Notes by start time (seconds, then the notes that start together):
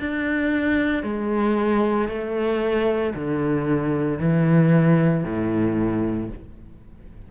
0.00 D4
1.03 G#3
2.09 A3
3.15 D3
4.19 E3
5.24 A2